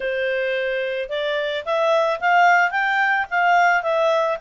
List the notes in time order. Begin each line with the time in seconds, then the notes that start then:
0.00 C5
1.09 D5
1.65 E5
2.20 F5
2.70 G5
3.30 F5
3.82 E5